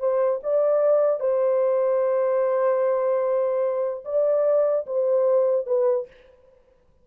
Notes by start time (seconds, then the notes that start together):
0.00 C5
0.43 D5
1.21 C5
4.05 D5
4.87 C5
5.67 B4